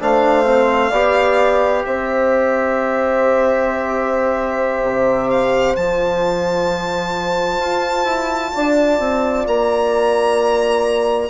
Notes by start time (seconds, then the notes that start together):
0.00 A3 D4 C5 F5
0.45 C4
0.90 B3 G4 D5
1.84 C4 C5 E5
4.83 C3
5.30 F5
5.76 F3 F4 A5
7.59 F4
8.04 E4
8.53 D4 D5
8.99 C4
9.47 A#3 A#5